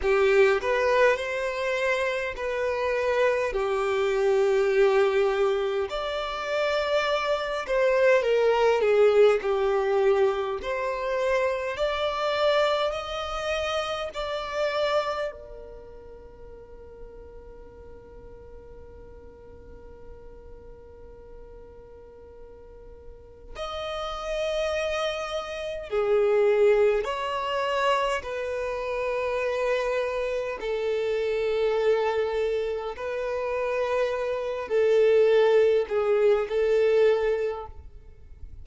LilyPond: \new Staff \with { instrumentName = "violin" } { \time 4/4 \tempo 4 = 51 g'8 b'8 c''4 b'4 g'4~ | g'4 d''4. c''8 ais'8 gis'8 | g'4 c''4 d''4 dis''4 | d''4 ais'2.~ |
ais'1 | dis''2 gis'4 cis''4 | b'2 a'2 | b'4. a'4 gis'8 a'4 | }